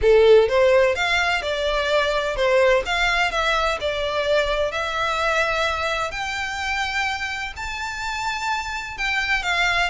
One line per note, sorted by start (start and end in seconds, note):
0.01 0.48 A4
0.48 0.95 C5
0.95 1.42 F5
1.42 2.36 D5
2.36 2.83 C5
2.85 3.31 F5
3.31 3.78 E5
3.80 4.71 D5
4.71 6.11 E5
6.11 7.53 G5
7.56 8.97 A5
8.97 9.43 G5
9.43 9.90 F5